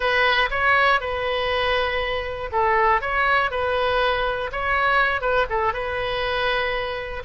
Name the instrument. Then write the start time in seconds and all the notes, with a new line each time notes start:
oboe
0.00 B4
0.50 C#5
1.00 B4
2.52 A4
3.01 C#5
3.50 B4
4.52 C#5
5.21 B4
5.49 A4
5.73 B4